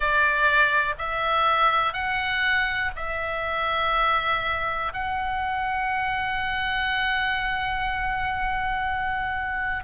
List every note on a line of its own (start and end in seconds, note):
0.00 0.94 D5
0.98 1.93 E5
1.93 2.91 F#5
2.96 4.92 E5
4.93 9.84 F#5